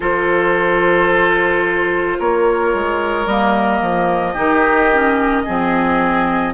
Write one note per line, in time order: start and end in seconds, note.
0.00 2.18 F3
0.00 3.27 F4
0.00 2.17 A4
0.00 2.20 C5
2.18 2.73 A#3
2.18 4.33 A#4
2.18 3.27 C#5
2.73 3.26 G#3
3.26 3.80 G3
3.26 4.35 A#3
3.26 6.53 D#5
3.81 4.35 F3
4.33 5.45 D#3
4.33 4.89 D#4
4.33 5.42 G4
4.92 5.46 C#4
5.45 6.53 F3
5.45 6.53 C4
5.45 6.53 G#4